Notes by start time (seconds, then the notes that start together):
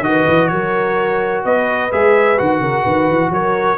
0.00 D#3 F#4 D#5
0.07 B4
0.27 E3
0.48 F#3 A#4 C#5
1.44 B3 B4 D#5
1.91 G#3 G#4 E5
2.37 D#3 F#4 F#5
2.60 C#3 A#4
2.82 D#3 B4
3.09 E3
3.29 F#3 A#4 C#5